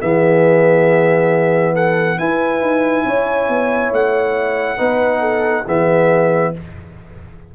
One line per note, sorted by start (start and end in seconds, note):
0.00 2.19 E3
0.00 2.17 B3
0.00 1.74 G#4
0.00 1.75 E5
1.74 2.18 A4
1.74 2.18 F#5
2.17 4.77 E4
2.17 2.60 E4
2.17 3.05 B4
2.17 3.92 G#5
2.60 3.04 D#4
3.05 3.48 C#4
3.05 4.77 C#5
3.48 3.91 B3
3.91 4.78 A3
3.91 5.67 F#5
4.77 5.66 B3
4.77 5.64 D#4
4.77 5.20 B4
5.20 5.64 A4
5.65 6.54 E3
5.65 6.54 B3
5.65 6.52 G#4
5.65 6.55 E5